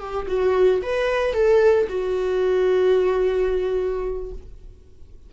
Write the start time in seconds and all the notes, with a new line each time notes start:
0.00 G4
0.28 F#4
0.83 B4
1.34 A4
1.89 F#4